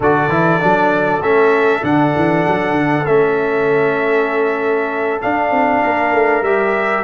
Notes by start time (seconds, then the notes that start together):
0.00 D3 F#4 A4 D5
0.28 E3 E4
0.60 F#3 D4
1.20 A3 C#4 E5
1.82 D3 D4 F#5
2.15 E3
2.47 F#3
2.71 D3
3.06 A3 C#4 E5
5.21 D4 F5
5.50 C4
5.82 A#3 A#4
6.12 A3
6.42 G3 G4 E5